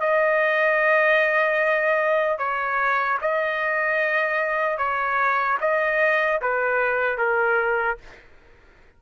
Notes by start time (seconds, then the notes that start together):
0.00 D#5
2.38 C#5
3.21 D#5
4.78 C#5
5.61 D#5
6.41 B4
7.17 A#4